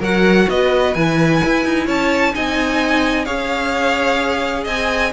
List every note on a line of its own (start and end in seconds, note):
0.00 0.47 F#3
0.00 0.97 F#4
0.00 0.47 A#4
0.00 0.50 F#5
0.49 0.95 B3
0.49 1.86 B4
0.49 0.95 D#5
0.95 1.42 E3
0.95 2.33 E4
0.95 1.88 G#5
1.45 1.65 E4
1.65 1.88 D#4
1.86 2.34 C#4
1.86 2.32 C#5
1.86 2.35 A5
2.33 3.27 C4
2.33 3.26 D#4
2.33 3.25 D#5
2.33 3.25 G#5
3.25 4.66 C#4
3.25 5.12 G#4
3.25 4.64 C#5
3.25 4.65 F5
4.64 5.13 C4
4.64 5.11 D#5
4.64 5.13 G#5